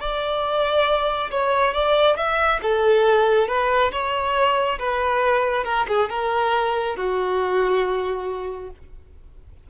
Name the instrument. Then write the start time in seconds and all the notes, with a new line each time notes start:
violin
0.00 D5
1.31 C#5
1.74 D5
2.17 E5
2.62 A4
3.48 B4
3.92 C#5
4.79 B4
5.64 A#4
5.88 G#4
6.09 A#4
6.96 F#4